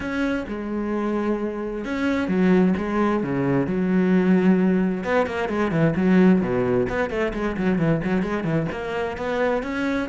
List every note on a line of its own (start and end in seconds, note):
0.00 0.45 C#4
0.47 1.84 G#3
1.84 2.28 C#4
2.28 2.74 F#3
2.77 3.23 G#3
3.23 3.66 C#3
3.66 5.04 F#3
5.04 5.26 B3
5.26 5.48 A#3
5.48 5.71 G#3
5.71 5.94 E3
5.95 6.41 F#3
6.41 6.87 B2
6.89 7.10 B3
7.10 7.32 A3
7.33 7.56 G#3
7.56 7.78 F#3
7.78 8.01 E3
8.04 8.22 F#3
8.22 8.44 G#3
8.44 8.66 E3
8.71 9.17 A#3
9.17 9.62 B3
9.62 10.08 C#4